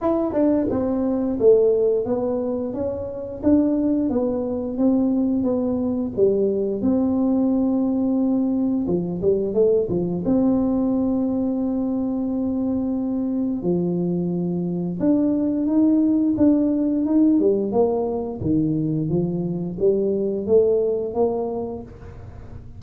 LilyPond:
\new Staff \with { instrumentName = "tuba" } { \time 4/4 \tempo 4 = 88 e'8 d'8 c'4 a4 b4 | cis'4 d'4 b4 c'4 | b4 g4 c'2~ | c'4 f8 g8 a8 f8 c'4~ |
c'1 | f2 d'4 dis'4 | d'4 dis'8 g8 ais4 dis4 | f4 g4 a4 ais4 | }